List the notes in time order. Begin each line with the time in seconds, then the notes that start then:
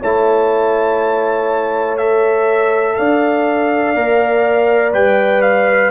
0.00 A3 E4 C#5 A5
1.98 A4 E5
2.95 D4 D5 F5
3.95 A#3 A#4
4.93 G3 B4 G5
5.42 F5